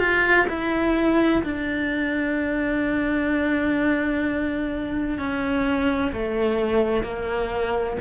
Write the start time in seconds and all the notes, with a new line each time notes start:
0.00 F4
0.49 E4
1.44 D4
5.19 C#4
6.13 A3
7.04 A#3